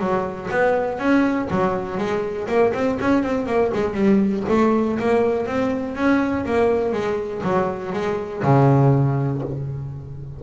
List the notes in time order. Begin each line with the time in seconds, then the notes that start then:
0.00 F#3
0.51 B3
0.99 C#4
1.51 F#3
1.98 G#3
2.48 A#3
2.74 C4
3.00 C#4
3.23 C4
3.46 A#3
3.74 G#3
3.94 G3
4.49 A3
4.99 A#3
5.47 C4
5.96 C#4
6.46 A#3
6.93 G#3
7.43 F#3
7.93 G#3
8.43 C#3